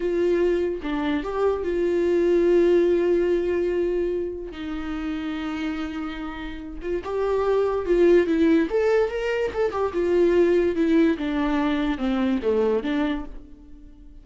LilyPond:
\new Staff \with { instrumentName = "viola" } { \time 4/4 \tempo 4 = 145 f'2 d'4 g'4 | f'1~ | f'2. dis'4~ | dis'1~ |
dis'8 f'8 g'2 f'4 | e'4 a'4 ais'4 a'8 g'8 | f'2 e'4 d'4~ | d'4 c'4 a4 d'4 | }